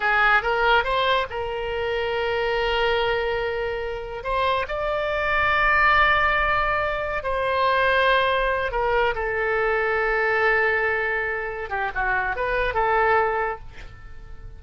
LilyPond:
\new Staff \with { instrumentName = "oboe" } { \time 4/4 \tempo 4 = 141 gis'4 ais'4 c''4 ais'4~ | ais'1~ | ais'2 c''4 d''4~ | d''1~ |
d''4 c''2.~ | c''8 ais'4 a'2~ a'8~ | a'2.~ a'8 g'8 | fis'4 b'4 a'2 | }